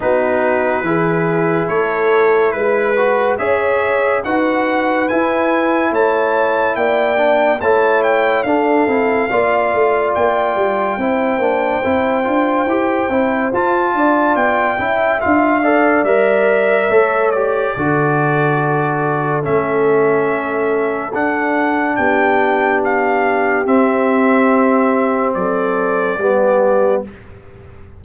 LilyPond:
<<
  \new Staff \with { instrumentName = "trumpet" } { \time 4/4 \tempo 4 = 71 b'2 cis''4 b'4 | e''4 fis''4 gis''4 a''4 | g''4 a''8 g''8 f''2 | g''1 |
a''4 g''4 f''4 e''4~ | e''8 d''2~ d''8 e''4~ | e''4 fis''4 g''4 f''4 | e''2 d''2 | }
  \new Staff \with { instrumentName = "horn" } { \time 4/4 fis'4 gis'4 a'4 b'4 | cis''4 b'2 cis''4 | d''4 cis''4 a'4 d''4~ | d''4 c''2.~ |
c''8 d''4 e''4 d''4. | cis''4 a'2.~ | a'2 g'2~ | g'2 a'4 g'4 | }
  \new Staff \with { instrumentName = "trombone" } { \time 4/4 dis'4 e'2~ e'8 fis'8 | gis'4 fis'4 e'2~ | e'8 d'8 e'4 d'8 e'8 f'4~ | f'4 e'8 d'8 e'8 f'8 g'8 e'8 |
f'4. e'8 f'8 a'8 ais'4 | a'8 g'8 fis'2 cis'4~ | cis'4 d'2. | c'2. b4 | }
  \new Staff \with { instrumentName = "tuba" } { \time 4/4 b4 e4 a4 gis4 | cis'4 dis'4 e'4 a4 | ais4 a4 d'8 c'8 ais8 a8 | ais8 g8 c'8 ais8 c'8 d'8 e'8 c'8 |
f'8 d'8 b8 cis'8 d'4 g4 | a4 d2 a4~ | a4 d'4 b2 | c'2 fis4 g4 | }
>>